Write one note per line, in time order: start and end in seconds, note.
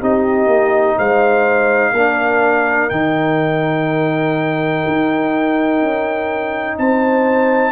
0.00 0.47 C4
0.00 1.94 D#4
0.00 0.97 G4
0.00 0.99 D#5
0.47 0.95 A#3
0.98 1.92 G#3
0.98 1.92 C5
0.98 2.90 F5
1.92 2.89 A#3
1.92 2.90 D4
1.92 6.76 A#4
2.90 4.85 D#3
2.90 7.72 D#4
2.90 6.77 G5
4.87 5.82 D#4
5.82 6.78 C#4
6.78 7.72 C4
6.78 7.72 C5
6.78 7.72 A5